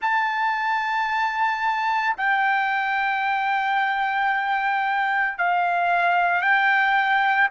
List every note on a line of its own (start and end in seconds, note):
0.01 2.16 A5
2.17 5.38 G5
5.38 6.41 F5
6.41 7.49 G5